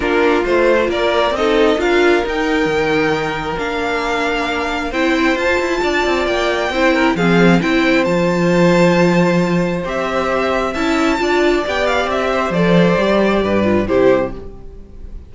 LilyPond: <<
  \new Staff \with { instrumentName = "violin" } { \time 4/4 \tempo 4 = 134 ais'4 c''4 d''4 dis''4 | f''4 g''2. | f''2. g''4 | a''2 g''2 |
f''4 g''4 a''2~ | a''2 e''2 | a''2 g''8 f''8 e''4 | d''2. c''4 | }
  \new Staff \with { instrumentName = "violin" } { \time 4/4 f'2 ais'4 a'4 | ais'1~ | ais'2. c''4~ | c''4 d''2 c''8 ais'8 |
gis'4 c''2.~ | c''1 | e''4 d''2~ d''8 c''8~ | c''2 b'4 g'4 | }
  \new Staff \with { instrumentName = "viola" } { \time 4/4 d'4 f'2 dis'4 | f'4 dis'2. | d'2. e'4 | f'2. e'4 |
c'4 e'4 f'2~ | f'2 g'2 | e'4 f'4 g'2 | a'4 g'4. f'8 e'4 | }
  \new Staff \with { instrumentName = "cello" } { \time 4/4 ais4 a4 ais4 c'4 | d'4 dis'4 dis2 | ais2. c'4 | f'8 e'8 d'8 c'8 ais4 c'4 |
f4 c'4 f2~ | f2 c'2 | cis'4 d'4 b4 c'4 | f4 g4 g,4 c4 | }
>>